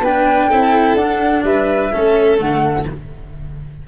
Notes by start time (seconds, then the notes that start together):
0.00 B3 D4 B4 G5
0.49 C4 E4 A4
0.95 D4 F#5
1.44 G3 B4 E5
1.92 A3 C#4 A4
2.38 D3 A3 F#5